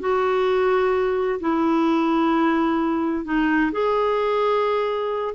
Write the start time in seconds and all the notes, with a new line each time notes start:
0.00 F#4
1.40 E4
3.25 D#4
3.72 G#4